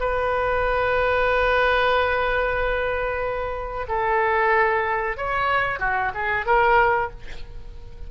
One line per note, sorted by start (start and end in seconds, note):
0.00 3.87 B4
3.88 5.17 A4
5.17 5.79 C#5
5.79 6.12 F#4
6.14 6.46 G#4
6.46 7.10 A#4